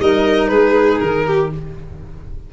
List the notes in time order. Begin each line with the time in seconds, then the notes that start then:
0.00 G3 D#4 A#4 D#5
0.48 G#3 G#4 B4
1.00 D#3 A#4
1.26 G4